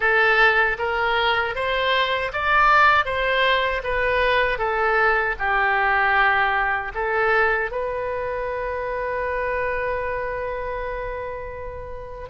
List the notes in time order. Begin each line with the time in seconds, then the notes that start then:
0.00 A4
0.78 A#4
1.55 C5
2.32 D5
3.05 C5
3.83 B4
4.58 A4
5.38 G4
6.94 A4
7.71 B4